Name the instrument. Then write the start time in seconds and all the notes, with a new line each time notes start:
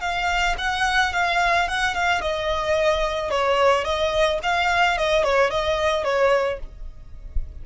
violin
0.00 F5
0.58 F#5
1.13 F5
1.68 F#5
1.94 F5
2.21 D#5
3.30 C#5
3.84 D#5
4.42 F5
4.97 D#5
5.23 C#5
5.50 D#5
6.04 C#5